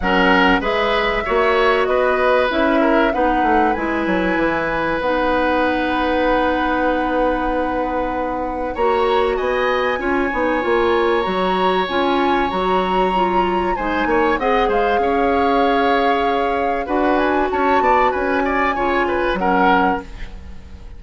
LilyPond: <<
  \new Staff \with { instrumentName = "flute" } { \time 4/4 \tempo 4 = 96 fis''4 e''2 dis''4 | e''4 fis''4 gis''2 | fis''1~ | fis''2 ais''4 gis''4~ |
gis''2 ais''4 gis''4 | ais''2 gis''4 fis''8 f''8~ | f''2. fis''8 gis''8 | a''4 gis''2 fis''4 | }
  \new Staff \with { instrumentName = "oboe" } { \time 4/4 ais'4 b'4 cis''4 b'4~ | b'8 ais'8 b'2.~ | b'1~ | b'2 cis''4 dis''4 |
cis''1~ | cis''2 c''8 cis''8 dis''8 c''8 | cis''2. b'4 | cis''8 d''8 b'8 d''8 cis''8 b'8 ais'4 | }
  \new Staff \with { instrumentName = "clarinet" } { \time 4/4 cis'4 gis'4 fis'2 | e'4 dis'4 e'2 | dis'1~ | dis'2 fis'2 |
f'8 dis'8 f'4 fis'4 f'4 | fis'4 f'4 dis'4 gis'4~ | gis'2. fis'4~ | fis'2 f'4 cis'4 | }
  \new Staff \with { instrumentName = "bassoon" } { \time 4/4 fis4 gis4 ais4 b4 | cis'4 b8 a8 gis8 fis8 e4 | b1~ | b2 ais4 b4 |
cis'8 b8 ais4 fis4 cis'4 | fis2 gis8 ais8 c'8 gis8 | cis'2. d'4 | cis'8 b8 cis'4 cis4 fis4 | }
>>